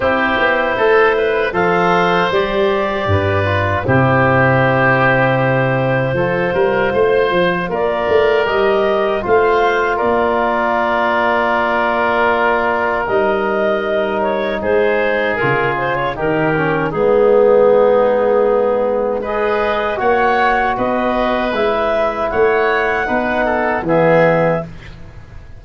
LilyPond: <<
  \new Staff \with { instrumentName = "clarinet" } { \time 4/4 \tempo 4 = 78 c''2 f''4 d''4~ | d''4 c''2.~ | c''2 d''4 dis''4 | f''4 d''2.~ |
d''4 dis''4. cis''8 c''4 | ais'8 c''16 cis''16 ais'4 gis'2~ | gis'4 dis''4 fis''4 dis''4 | e''4 fis''2 e''4 | }
  \new Staff \with { instrumentName = "oboe" } { \time 4/4 g'4 a'8 b'8 c''2 | b'4 g'2. | a'8 ais'8 c''4 ais'2 | c''4 ais'2.~ |
ais'2. gis'4~ | gis'4 g'4 dis'2~ | dis'4 b'4 cis''4 b'4~ | b'4 cis''4 b'8 a'8 gis'4 | }
  \new Staff \with { instrumentName = "trombone" } { \time 4/4 e'2 a'4 g'4~ | g'8 f'8 e'2. | f'2. g'4 | f'1~ |
f'4 dis'2. | f'4 dis'8 cis'8 b2~ | b4 gis'4 fis'2 | e'2 dis'4 b4 | }
  \new Staff \with { instrumentName = "tuba" } { \time 4/4 c'8 b8 a4 f4 g4 | g,4 c2. | f8 g8 a8 f8 ais8 a8 g4 | a4 ais2.~ |
ais4 g2 gis4 | cis4 dis4 gis2~ | gis2 ais4 b4 | gis4 a4 b4 e4 | }
>>